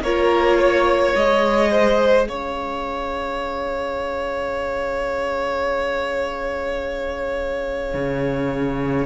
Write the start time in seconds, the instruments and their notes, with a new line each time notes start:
0.00 cello A#3, viola F4, violin A#4 C#5
0.58 violin C#5
1.15 cello G#3, viola G#4, violin D#5
1.71 violin C5
2.28 cello C#4, violin C#5 F5
7.94 cello C#3